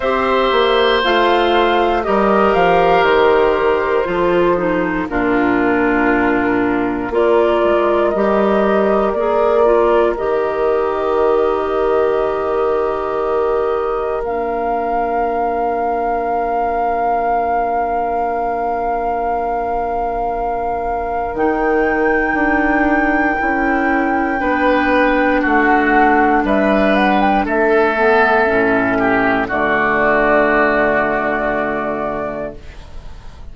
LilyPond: <<
  \new Staff \with { instrumentName = "flute" } { \time 4/4 \tempo 4 = 59 e''4 f''4 dis''8 f''8 c''4~ | c''4 ais'2 d''4 | dis''4 d''4 dis''2~ | dis''2 f''2~ |
f''1~ | f''4 g''2.~ | g''4 fis''4 e''8 fis''16 g''16 e''4~ | e''4 d''2. | }
  \new Staff \with { instrumentName = "oboe" } { \time 4/4 c''2 ais'2 | a'4 f'2 ais'4~ | ais'1~ | ais'1~ |
ais'1~ | ais'1 | b'4 fis'4 b'4 a'4~ | a'8 g'8 fis'2. | }
  \new Staff \with { instrumentName = "clarinet" } { \time 4/4 g'4 f'4 g'2 | f'8 dis'8 d'2 f'4 | g'4 gis'8 f'8 g'2~ | g'2 d'2~ |
d'1~ | d'4 dis'2 e'4 | d'2.~ d'8 b8 | cis'4 a2. | }
  \new Staff \with { instrumentName = "bassoon" } { \time 4/4 c'8 ais8 a4 g8 f8 dis4 | f4 ais,2 ais8 gis8 | g4 ais4 dis2~ | dis2 ais2~ |
ais1~ | ais4 dis4 d'4 cis'4 | b4 a4 g4 a4 | a,4 d2. | }
>>